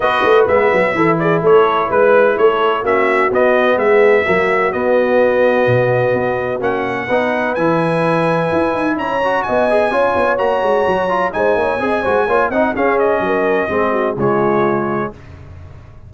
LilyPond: <<
  \new Staff \with { instrumentName = "trumpet" } { \time 4/4 \tempo 4 = 127 dis''4 e''4. d''8 cis''4 | b'4 cis''4 e''4 dis''4 | e''2 dis''2~ | dis''2 fis''2 |
gis''2. ais''4 | gis''2 ais''2 | gis''2~ gis''8 fis''8 f''8 dis''8~ | dis''2 cis''2 | }
  \new Staff \with { instrumentName = "horn" } { \time 4/4 b'2 a'8 gis'8 a'4 | b'4 a'4 fis'2 | gis'4 fis'2.~ | fis'2. b'4~ |
b'2. cis''4 | dis''4 cis''2. | c''8 cis''8 dis''8 c''8 cis''8 dis''8 gis'4 | ais'4 gis'8 fis'8 f'2 | }
  \new Staff \with { instrumentName = "trombone" } { \time 4/4 fis'4 b4 e'2~ | e'2 cis'4 b4~ | b4 ais4 b2~ | b2 cis'4 dis'4 |
e'2.~ e'8 fis'8~ | fis'8 gis'8 f'4 fis'4. f'8 | dis'4 gis'8 fis'8 f'8 dis'8 cis'4~ | cis'4 c'4 gis2 | }
  \new Staff \with { instrumentName = "tuba" } { \time 4/4 b8 a8 gis8 fis8 e4 a4 | gis4 a4 ais4 b4 | gis4 fis4 b2 | b,4 b4 ais4 b4 |
e2 e'8 dis'8 cis'4 | b4 cis'8 b8 ais8 gis8 fis4 | gis8 ais8 c'8 gis8 ais8 c'8 cis'4 | fis4 gis4 cis2 | }
>>